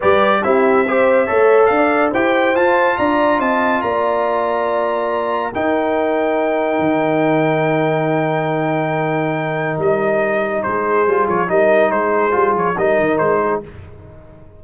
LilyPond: <<
  \new Staff \with { instrumentName = "trumpet" } { \time 4/4 \tempo 4 = 141 d''4 e''2. | f''4 g''4 a''4 ais''4 | a''4 ais''2.~ | ais''4 g''2.~ |
g''1~ | g''2. dis''4~ | dis''4 c''4. cis''8 dis''4 | c''4. cis''8 dis''4 c''4 | }
  \new Staff \with { instrumentName = "horn" } { \time 4/4 b'4 g'4 c''4 cis''4 | d''4 c''2 d''4 | dis''4 d''2.~ | d''4 ais'2.~ |
ais'1~ | ais'1~ | ais'4 gis'2 ais'4 | gis'2 ais'4. gis'8 | }
  \new Staff \with { instrumentName = "trombone" } { \time 4/4 g'4 e'4 g'4 a'4~ | a'4 g'4 f'2~ | f'1~ | f'4 dis'2.~ |
dis'1~ | dis'1~ | dis'2 f'4 dis'4~ | dis'4 f'4 dis'2 | }
  \new Staff \with { instrumentName = "tuba" } { \time 4/4 g4 c'2 a4 | d'4 e'4 f'4 d'4 | c'4 ais2.~ | ais4 dis'2. |
dis1~ | dis2. g4~ | g4 gis4 g8 f8 g4 | gis4 g8 f8 g8 dis8 gis4 | }
>>